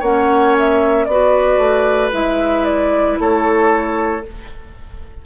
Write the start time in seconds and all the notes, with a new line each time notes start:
0.00 A#3 C#4 C#5 F#5
0.58 E5
1.05 B3 F#4 B4 D5
1.58 A3
2.12 G#3 E4 E5
2.65 D5
3.20 A3 A4 C#5